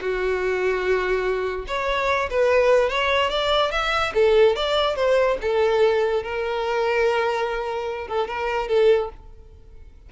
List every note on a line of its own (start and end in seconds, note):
0.00 1.66 F#4
1.67 2.29 C#5
2.30 2.89 B4
2.89 3.30 C#5
3.30 3.71 D5
3.71 4.12 E5
4.14 4.55 A4
4.56 4.95 D5
4.95 5.37 C5
5.41 6.22 A4
6.22 8.07 A#4
8.07 8.27 A4
8.27 8.68 A#4
8.68 9.09 A4